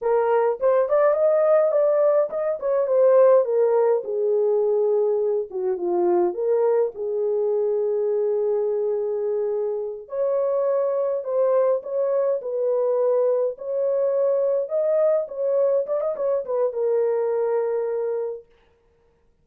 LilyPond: \new Staff \with { instrumentName = "horn" } { \time 4/4 \tempo 4 = 104 ais'4 c''8 d''8 dis''4 d''4 | dis''8 cis''8 c''4 ais'4 gis'4~ | gis'4. fis'8 f'4 ais'4 | gis'1~ |
gis'4. cis''2 c''8~ | c''8 cis''4 b'2 cis''8~ | cis''4. dis''4 cis''4 d''16 dis''16 | cis''8 b'8 ais'2. | }